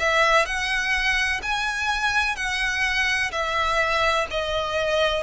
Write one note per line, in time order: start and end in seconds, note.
0.00 0.46 E5
0.46 1.41 F#5
1.43 2.36 G#5
2.36 3.32 F#5
3.32 4.27 E5
4.31 5.24 D#5